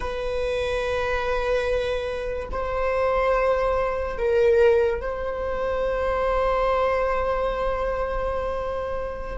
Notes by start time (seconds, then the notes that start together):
0.00 B4
2.51 C5
4.18 A#4
5.01 C5